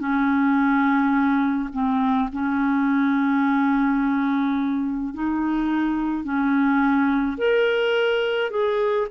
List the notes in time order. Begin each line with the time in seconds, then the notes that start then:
0.00 C#4
1.73 C4
2.33 C#4
5.15 D#4
6.24 C#4
7.38 A#4
8.51 G#4